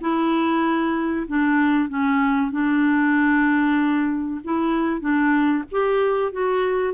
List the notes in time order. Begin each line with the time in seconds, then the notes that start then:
0.00 E4
1.27 D4
1.89 C#4
2.51 D4
4.44 E4
5.00 D4
5.71 G4
6.32 F#4